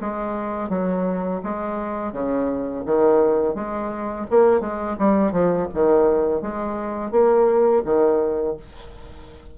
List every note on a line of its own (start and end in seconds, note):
0.00 0.69 G#3
0.69 1.41 F#3
1.43 2.12 G#3
2.12 2.84 C#3
2.85 3.54 D#3
3.54 4.26 G#3
4.30 4.60 A#3
4.60 4.96 G#3
4.99 5.32 G3
5.32 5.68 F3
5.74 6.41 D#3
6.41 7.11 G#3
7.11 7.82 A#3
7.85 8.56 D#3